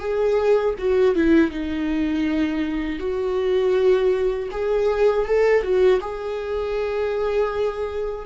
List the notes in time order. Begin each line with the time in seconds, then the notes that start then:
0.00 G#4
0.79 F#4
1.16 E4
1.51 D#4
3.00 F#4
4.51 G#4
5.26 A4
5.62 F#4
6.01 G#4